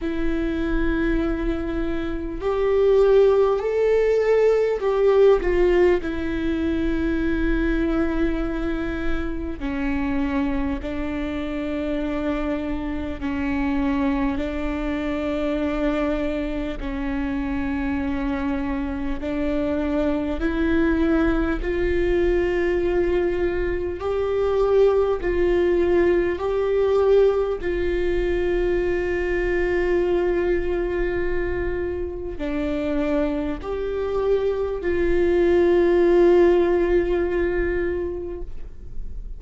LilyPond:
\new Staff \with { instrumentName = "viola" } { \time 4/4 \tempo 4 = 50 e'2 g'4 a'4 | g'8 f'8 e'2. | cis'4 d'2 cis'4 | d'2 cis'2 |
d'4 e'4 f'2 | g'4 f'4 g'4 f'4~ | f'2. d'4 | g'4 f'2. | }